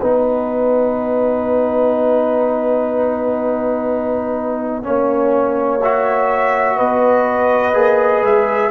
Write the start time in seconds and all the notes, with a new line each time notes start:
0.00 B3 D#4 B4 F#5
4.82 A#3 C#4 C#5
5.82 F#4 E5
6.77 B3 B4 D#5
7.73 A#3 G#4
8.21 G#3 E5